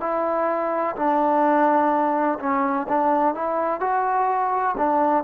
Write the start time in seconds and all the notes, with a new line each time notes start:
0.00 E4
0.96 D4
2.39 C#4
2.88 D4
3.35 E4
3.80 F#4
4.77 D4